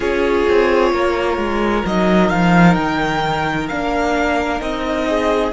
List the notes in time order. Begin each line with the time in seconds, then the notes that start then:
0.00 C#4 F4 G#4 C#5
0.49 C4
0.91 A#3 A#4
1.37 G#3
1.85 F#3 D#4 D#5
2.29 F3 F5
2.74 D#3 G5
3.68 A#3 D4 F5
4.59 C4 D#4 D#5
5.08 G#4